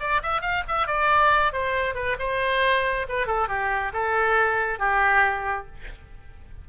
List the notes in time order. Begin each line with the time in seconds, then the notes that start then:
0.00 D5
0.23 E5
0.42 F5
0.68 E5
0.87 D5
1.53 C5
1.95 B4
2.19 C5
3.09 B4
3.27 A4
3.49 G4
3.93 A4
4.79 G4